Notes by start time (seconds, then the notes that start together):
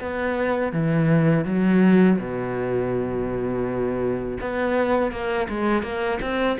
0.00 B3
0.72 E3
1.45 F#3
2.18 B2
4.40 B3
5.11 A#3
5.49 G#3
5.82 A#3
6.21 C4